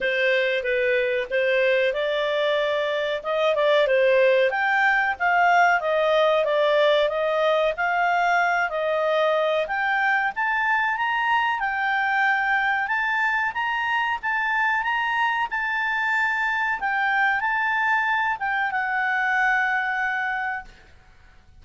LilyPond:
\new Staff \with { instrumentName = "clarinet" } { \time 4/4 \tempo 4 = 93 c''4 b'4 c''4 d''4~ | d''4 dis''8 d''8 c''4 g''4 | f''4 dis''4 d''4 dis''4 | f''4. dis''4. g''4 |
a''4 ais''4 g''2 | a''4 ais''4 a''4 ais''4 | a''2 g''4 a''4~ | a''8 g''8 fis''2. | }